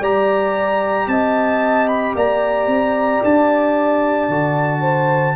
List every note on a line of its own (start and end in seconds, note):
0.00 1.07 G3
0.00 4.30 G4
0.00 1.07 D5
0.00 1.08 A#5
1.07 2.14 C4
1.07 2.16 D#5
1.07 1.88 A5
1.88 2.15 B5
2.15 2.67 A#3
2.15 4.81 D5
2.15 3.24 A#5
2.67 3.21 C4
3.24 4.29 D4
3.24 5.36 A5
4.29 5.36 D3
4.29 5.36 F#4
4.81 5.35 C5